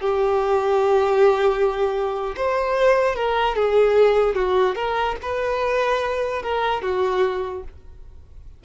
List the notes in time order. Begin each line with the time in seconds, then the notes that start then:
0.00 G4
2.36 C5
3.15 A#4
3.55 G#4
4.35 F#4
4.75 A#4
5.22 B4
6.42 A#4
6.82 F#4